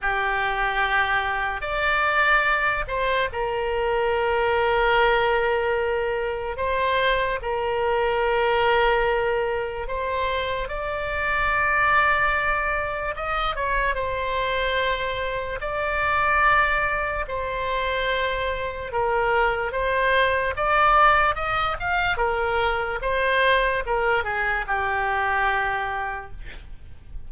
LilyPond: \new Staff \with { instrumentName = "oboe" } { \time 4/4 \tempo 4 = 73 g'2 d''4. c''8 | ais'1 | c''4 ais'2. | c''4 d''2. |
dis''8 cis''8 c''2 d''4~ | d''4 c''2 ais'4 | c''4 d''4 dis''8 f''8 ais'4 | c''4 ais'8 gis'8 g'2 | }